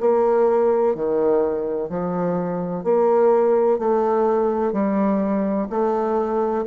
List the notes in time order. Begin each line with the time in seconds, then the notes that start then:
0.00 A#3
0.95 D#3
1.89 F3
2.84 A#3
3.79 A3
4.73 G3
5.70 A3